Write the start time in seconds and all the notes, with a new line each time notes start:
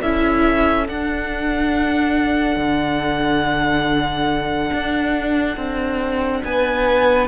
0.00 C#4 E4 A4 E5
0.87 D4 F#5
2.56 D3
4.73 D4
5.57 C4
6.44 B3 B4 G#5